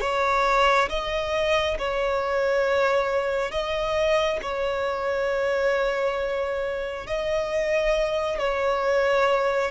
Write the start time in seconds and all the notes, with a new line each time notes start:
0.00 C#5
0.89 D#5
1.78 C#5
3.51 D#5
4.42 C#5
7.07 D#5
8.39 C#5